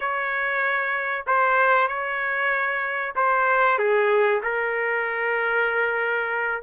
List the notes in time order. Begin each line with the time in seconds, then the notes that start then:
0.00 C#5
1.27 C5
1.87 C#5
3.15 C5
3.78 G#4
4.42 A#4